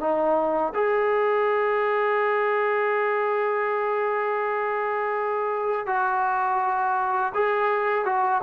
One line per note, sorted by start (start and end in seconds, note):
0.00 0.73 D#4
0.75 5.86 G#4
5.86 7.32 F#4
7.34 8.05 G#4
8.05 8.41 F#4